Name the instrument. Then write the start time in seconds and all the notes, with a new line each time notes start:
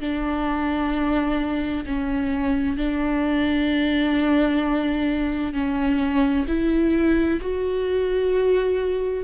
viola
0.00 D4
1.85 C#4
2.77 D4
5.53 C#4
6.47 E4
7.41 F#4